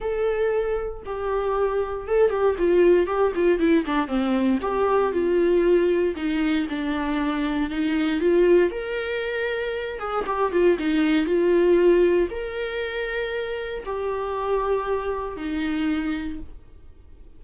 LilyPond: \new Staff \with { instrumentName = "viola" } { \time 4/4 \tempo 4 = 117 a'2 g'2 | a'8 g'8 f'4 g'8 f'8 e'8 d'8 | c'4 g'4 f'2 | dis'4 d'2 dis'4 |
f'4 ais'2~ ais'8 gis'8 | g'8 f'8 dis'4 f'2 | ais'2. g'4~ | g'2 dis'2 | }